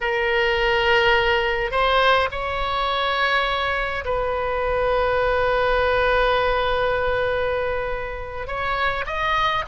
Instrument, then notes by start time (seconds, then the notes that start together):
oboe
0.00 A#4
1.71 C5
2.31 C#5
4.04 B4
8.47 C#5
9.06 D#5